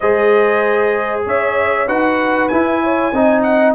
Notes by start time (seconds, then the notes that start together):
0.00 G#3 G#4 C5 D#5
1.26 C#4 C#5 E5
1.87 D#4 F#4 B4 F#5
2.48 E4 G#5
2.83 C#5
3.12 C4 D#4 D#5
3.42 F#5